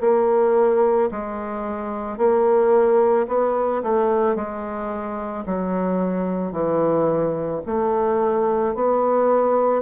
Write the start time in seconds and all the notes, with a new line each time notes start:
0.00 A#3
1.11 G#3
2.18 A#3
3.27 B3
3.82 A3
4.35 G#3
5.46 F#3
6.52 E3
7.66 A3
8.75 B3